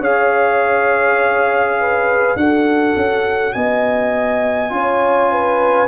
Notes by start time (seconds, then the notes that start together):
0.00 C#4 G#4 C#5 F5
1.80 B4
2.36 D4 F#4 A4 F#5
2.96 C#4
3.53 B3 D#5 G#5
4.70 C#4 F4 C#5
5.32 B4